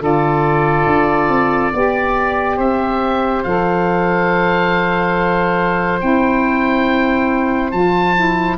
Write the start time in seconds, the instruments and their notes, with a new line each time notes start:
0.00 tuba D3, saxophone F4, oboe A4 D5
0.86 tuba D4
1.29 tuba C4
1.73 tuba B3, saxophone G4, oboe D5
2.57 tuba C4, oboe C5 E5
3.43 tuba F3, saxophone A4, oboe F5
6.00 tuba C4, saxophone E4, oboe G5
7.71 tuba F3, saxophone F4, oboe A5
8.15 saxophone E4